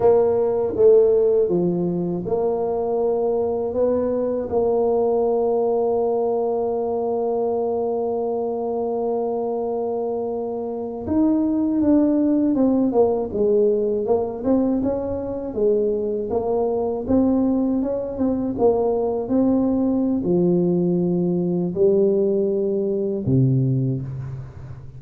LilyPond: \new Staff \with { instrumentName = "tuba" } { \time 4/4 \tempo 4 = 80 ais4 a4 f4 ais4~ | ais4 b4 ais2~ | ais1~ | ais2~ ais8. dis'4 d'16~ |
d'8. c'8 ais8 gis4 ais8 c'8 cis'16~ | cis'8. gis4 ais4 c'4 cis'16~ | cis'16 c'8 ais4 c'4~ c'16 f4~ | f4 g2 c4 | }